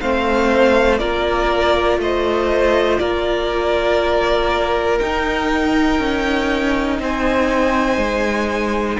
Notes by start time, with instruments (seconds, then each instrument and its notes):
0.00 cello A3, viola C4, violin C5 F5
0.98 cello A#3, viola F4, violin A#4 D5
1.97 cello A3, violin C5 D#5
2.98 cello A#3, violin A#4 D5
4.99 viola D#4, cello D#4, violin G5
5.99 cello C#4
6.99 cello C4, violin C5 G#5
7.97 cello G#3